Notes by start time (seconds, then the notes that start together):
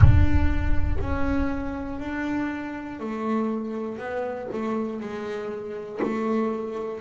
0.00 D4
1.00 C#4
2.00 D4
3.00 A3
3.98 B3
4.52 A3
5.00 G#3
6.02 A3